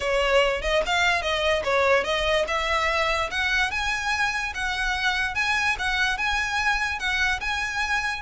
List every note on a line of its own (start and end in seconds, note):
0.00 0.61 C#5
0.61 0.82 D#5
0.86 1.21 F5
1.21 1.63 D#5
1.64 2.04 C#5
2.04 2.45 D#5
2.47 3.30 E5
3.30 3.70 F#5
3.70 4.53 G#5
4.54 5.34 F#5
5.34 5.76 G#5
5.79 6.17 F#5
6.17 6.99 G#5
6.99 7.40 F#5
7.40 8.22 G#5